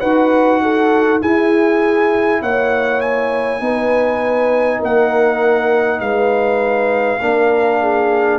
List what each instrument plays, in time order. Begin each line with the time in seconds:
0.00 tuba D#4, trombone F#4, horn B4, trumpet F#5
0.62 horn A4
1.21 trombone E4, tuba E4, horn G#4, trumpet G#5
2.42 tuba A#3, horn C#5, trumpet F#5
3.01 trumpet G#5
3.60 tuba B3, trombone D#4, horn B4
4.79 tuba A#3, horn A#4, trumpet F#5
6.00 tuba G#3, horn B4, trumpet F5
7.21 tuba A#3, trombone D4, horn A#4
7.81 horn G#4